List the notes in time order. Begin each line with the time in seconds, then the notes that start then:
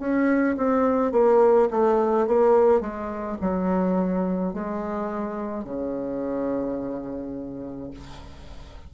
0.00 C#4
0.57 C4
1.12 A#3
1.71 A3
2.27 A#3
2.81 G#3
3.42 F#3
4.54 G#3
5.64 C#3